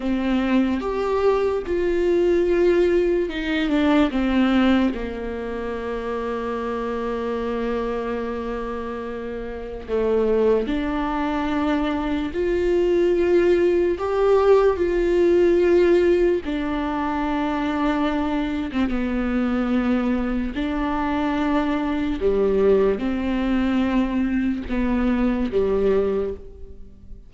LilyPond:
\new Staff \with { instrumentName = "viola" } { \time 4/4 \tempo 4 = 73 c'4 g'4 f'2 | dis'8 d'8 c'4 ais2~ | ais1 | a4 d'2 f'4~ |
f'4 g'4 f'2 | d'2~ d'8. c'16 b4~ | b4 d'2 g4 | c'2 b4 g4 | }